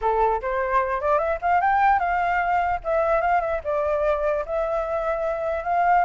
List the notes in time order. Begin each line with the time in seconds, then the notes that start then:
0.01 A4
0.41 C5
1.00 D5
1.18 E5
1.41 F5
1.60 G5
1.99 F5
2.84 E5
3.21 F5
3.40 E5
3.64 D5
4.45 E5
5.64 F5